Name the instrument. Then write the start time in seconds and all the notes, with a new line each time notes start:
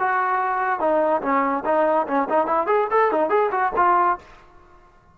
trombone
0.00 F#4
0.80 D#4
1.22 C#4
1.65 D#4
2.08 C#4
2.30 D#4
2.47 E4
2.67 G#4
2.91 A4
3.12 D#4
3.30 G#4
3.52 F#4
3.77 F4